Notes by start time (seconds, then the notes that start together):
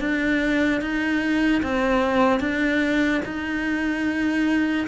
0.00 D4
0.81 D#4
1.63 C4
2.40 D4
3.25 D#4